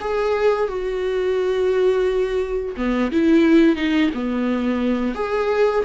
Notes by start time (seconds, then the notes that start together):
0.00 G#4
0.68 F#4
2.76 B3
3.11 E4
3.76 D#4
4.14 B3
5.14 G#4